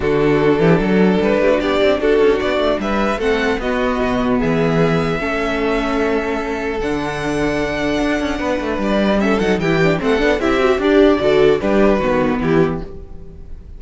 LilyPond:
<<
  \new Staff \with { instrumentName = "violin" } { \time 4/4 \tempo 4 = 150 a'2. b'4 | d''4 a'4 d''4 e''4 | fis''4 dis''2 e''4~ | e''1~ |
e''4 fis''2.~ | fis''2 d''4 e''8 fis''8 | g''4 fis''4 e''4 d''4~ | d''4 b'2 g'4 | }
  \new Staff \with { instrumentName = "violin" } { \time 4/4 fis'4. g'8 a'4. g'16 fis'16 | g'4 fis'2 b'4 | a'4 fis'2 gis'4~ | gis'4 a'2.~ |
a'1~ | a'4 b'2 a'4 | g'4 a'4 g'4 d'4 | a'4 g'4 fis'4 e'4 | }
  \new Staff \with { instrumentName = "viola" } { \time 4/4 d'1~ | d'1 | c'4 b2.~ | b4 cis'2.~ |
cis'4 d'2.~ | d'2. cis'8 dis'8 | e'8 d'8 c'8 d'8 e'8 fis'8 g'4 | fis'4 d'4 b2 | }
  \new Staff \with { instrumentName = "cello" } { \time 4/4 d4. e8 fis4 g8 a8 | b8 c'8 d'8 cis'8 b8 a8 g4 | a4 b4 b,4 e4~ | e4 a2.~ |
a4 d2. | d'8 cis'8 b8 a8 g4. fis8 | e4 a8 b8 c'4 d'4 | d4 g4 dis4 e4 | }
>>